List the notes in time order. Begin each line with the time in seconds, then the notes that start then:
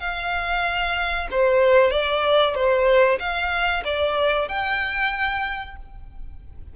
0.00 F5
1.31 C5
1.91 D5
2.55 C5
3.19 F5
3.84 D5
4.48 G5